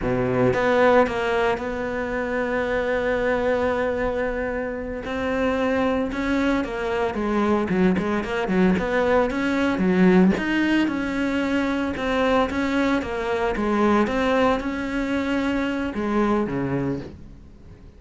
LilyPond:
\new Staff \with { instrumentName = "cello" } { \time 4/4 \tempo 4 = 113 b,4 b4 ais4 b4~ | b1~ | b4. c'2 cis'8~ | cis'8 ais4 gis4 fis8 gis8 ais8 |
fis8 b4 cis'4 fis4 dis'8~ | dis'8 cis'2 c'4 cis'8~ | cis'8 ais4 gis4 c'4 cis'8~ | cis'2 gis4 cis4 | }